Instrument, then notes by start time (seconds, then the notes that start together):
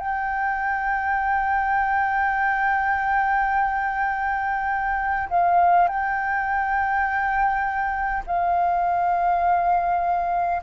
flute
0.00 G5
5.30 F5
5.88 G5
8.27 F5